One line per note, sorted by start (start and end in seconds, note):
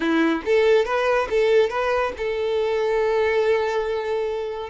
0.00 0.42 E4
0.45 0.85 A4
0.85 1.28 B4
1.30 1.69 A4
1.69 2.12 B4
2.17 4.69 A4